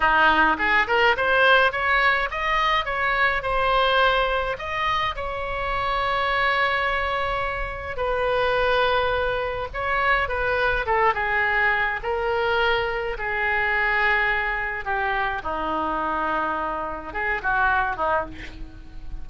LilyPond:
\new Staff \with { instrumentName = "oboe" } { \time 4/4 \tempo 4 = 105 dis'4 gis'8 ais'8 c''4 cis''4 | dis''4 cis''4 c''2 | dis''4 cis''2.~ | cis''2 b'2~ |
b'4 cis''4 b'4 a'8 gis'8~ | gis'4 ais'2 gis'4~ | gis'2 g'4 dis'4~ | dis'2 gis'8 fis'4 dis'8 | }